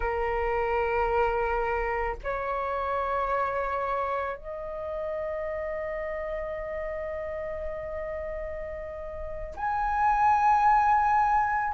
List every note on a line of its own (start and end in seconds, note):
0.00 2.16 A#4
2.23 4.36 C#5
4.36 9.55 D#5
9.56 11.73 G#5